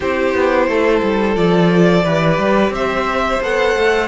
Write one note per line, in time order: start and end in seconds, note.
0.00 0.34 C4
0.00 1.35 E4
0.00 0.67 G4
0.00 1.36 C5
0.34 0.67 B3
0.67 1.01 A3
0.67 2.03 A4
1.02 1.36 G3
1.35 2.04 F3
1.35 2.03 F4
1.35 2.72 D5
2.03 2.38 E3
2.03 3.41 G4
2.03 2.72 B4
2.38 2.69 G3
2.69 3.37 C4
2.69 4.07 C5
2.69 3.42 E5
3.41 3.75 B3
3.41 4.07 A4
3.41 4.07 F#5
3.75 4.07 A3